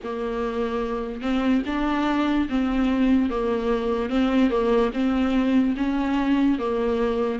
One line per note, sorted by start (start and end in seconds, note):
0.03 1.21 A#3
1.21 1.62 C4
1.66 2.48 D4
2.49 3.30 C4
3.30 4.09 A#3
4.09 4.50 C4
4.50 4.91 A#3
4.93 5.75 C4
5.76 6.58 C#4
6.58 7.39 A#3